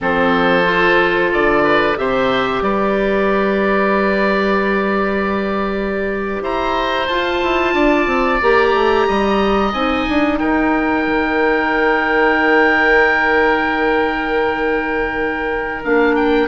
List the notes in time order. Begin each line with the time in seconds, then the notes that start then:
0.00 F3 C4 A4 C5
0.64 F4
1.32 D3 D5
1.63 B4
1.95 C3 G4 C5 E5
2.61 G3 B4 D5
6.41 E4 C5 A#5
7.07 F4 A5
7.42 E4
7.73 D4 D5
8.06 C4
8.41 A#3 G4 A#5
8.73 A3
9.07 G3 D#5
9.72 C4 D#4 G#5
10.08 D4
10.38 D#4 A#4 G5
11.06 D#3
15.83 A#3 D4 F5
16.15 G5